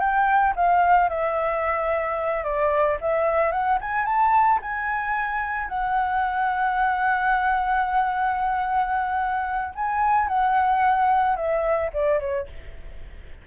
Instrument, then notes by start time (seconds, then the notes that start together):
flute
0.00 G5
0.56 F5
1.09 E5
2.44 D5
3.01 E5
3.52 F#5
3.81 G#5
4.06 A5
4.62 G#5
5.69 F#5
9.75 G#5
10.28 F#5
11.37 E5
11.94 D5
12.20 C#5